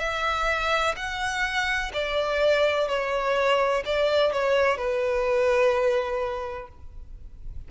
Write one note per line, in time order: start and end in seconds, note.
0.00 0.95 E5
0.97 1.92 F#5
1.94 2.88 D5
2.88 3.84 C#5
3.86 4.33 D5
4.33 4.78 C#5
4.78 6.68 B4